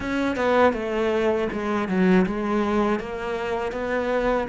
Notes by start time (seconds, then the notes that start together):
0.00 C#4
0.35 B3
0.73 A3
1.52 G#3
1.88 F#3
2.26 G#3
2.99 A#3
3.72 B3